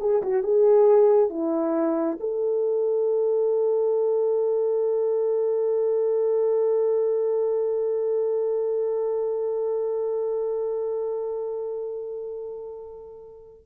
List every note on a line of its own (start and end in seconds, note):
0.00 0.22 G#4
0.22 0.43 F#4
0.43 1.30 G#4
1.30 2.18 E4
2.20 13.66 A4